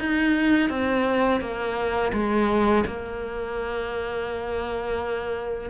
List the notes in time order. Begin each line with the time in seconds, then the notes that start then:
0.00 D#4
0.70 C4
1.41 A#3
2.13 G#3
2.87 A#3